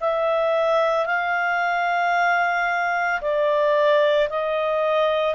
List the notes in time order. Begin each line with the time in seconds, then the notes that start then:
0.00 E5
1.06 F5
3.21 D5
4.30 D#5